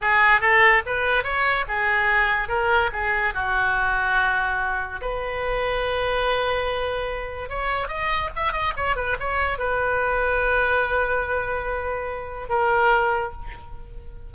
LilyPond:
\new Staff \with { instrumentName = "oboe" } { \time 4/4 \tempo 4 = 144 gis'4 a'4 b'4 cis''4 | gis'2 ais'4 gis'4 | fis'1 | b'1~ |
b'2 cis''4 dis''4 | e''8 dis''8 cis''8 b'8 cis''4 b'4~ | b'1~ | b'2 ais'2 | }